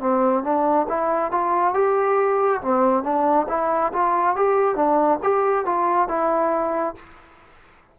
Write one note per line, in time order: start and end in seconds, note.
0.00 0.43 C4
0.43 0.87 D4
0.89 1.31 E4
1.31 1.74 F4
1.74 2.61 G4
2.62 3.03 C4
3.03 3.47 D4
3.49 3.92 E4
3.93 4.36 F4
4.36 4.75 G4
4.75 5.19 D4
5.23 5.65 G4
5.65 6.08 F4
6.08 6.95 E4